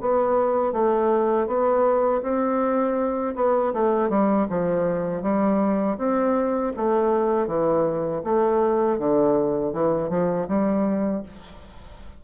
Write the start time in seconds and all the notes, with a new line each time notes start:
0.00 B3
0.72 A3
1.47 B3
2.22 C4
3.35 B3
3.73 A3
4.09 G3
4.49 F3
5.22 G3
5.97 C4
6.76 A3
7.47 E3
8.23 A3
8.98 D3
9.73 E3
10.09 F3
10.47 G3